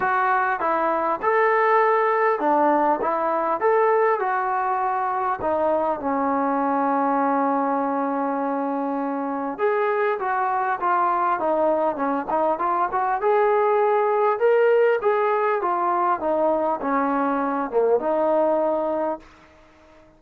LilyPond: \new Staff \with { instrumentName = "trombone" } { \time 4/4 \tempo 4 = 100 fis'4 e'4 a'2 | d'4 e'4 a'4 fis'4~ | fis'4 dis'4 cis'2~ | cis'1 |
gis'4 fis'4 f'4 dis'4 | cis'8 dis'8 f'8 fis'8 gis'2 | ais'4 gis'4 f'4 dis'4 | cis'4. ais8 dis'2 | }